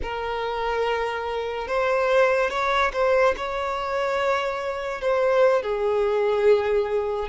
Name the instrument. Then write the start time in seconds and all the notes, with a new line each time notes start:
violin
0.02 A#4
1.67 C5
2.50 C#5
2.92 C5
3.36 C#5
5.01 C5
5.62 G#4